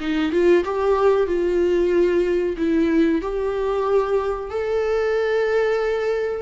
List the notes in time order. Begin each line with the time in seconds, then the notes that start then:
0.00 D#4
0.32 F4
0.65 G4
1.27 F4
2.57 E4
3.22 G4
4.50 A4